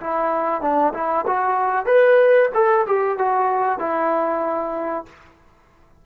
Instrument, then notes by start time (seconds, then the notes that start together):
trombone
0.00 E4
0.61 D4
0.93 E4
1.27 F#4
1.85 B4
2.54 A4
2.86 G4
3.18 F#4
3.79 E4